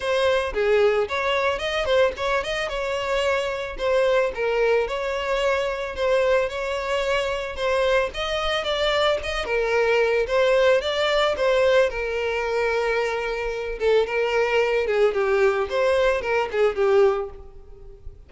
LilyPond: \new Staff \with { instrumentName = "violin" } { \time 4/4 \tempo 4 = 111 c''4 gis'4 cis''4 dis''8 c''8 | cis''8 dis''8 cis''2 c''4 | ais'4 cis''2 c''4 | cis''2 c''4 dis''4 |
d''4 dis''8 ais'4. c''4 | d''4 c''4 ais'2~ | ais'4. a'8 ais'4. gis'8 | g'4 c''4 ais'8 gis'8 g'4 | }